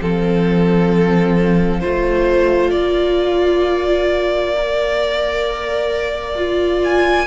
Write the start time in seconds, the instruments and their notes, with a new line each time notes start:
0.00 cello F3, viola C4, violin A4 F5
1.80 cello A3, viola F4, violin C5
2.71 cello A#3, violin D5
4.57 viola A#4
6.35 viola F4
6.84 violin G#5